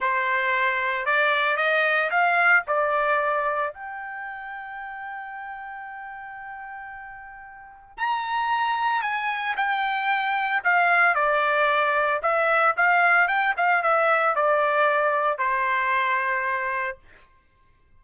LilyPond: \new Staff \with { instrumentName = "trumpet" } { \time 4/4 \tempo 4 = 113 c''2 d''4 dis''4 | f''4 d''2 g''4~ | g''1~ | g''2. ais''4~ |
ais''4 gis''4 g''2 | f''4 d''2 e''4 | f''4 g''8 f''8 e''4 d''4~ | d''4 c''2. | }